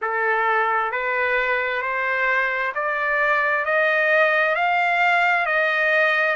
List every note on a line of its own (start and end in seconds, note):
0.01 0.91 A4
0.91 1.81 B4
1.81 2.72 C5
2.74 3.65 D5
3.65 4.55 D#5
4.55 5.45 F5
5.45 6.35 D#5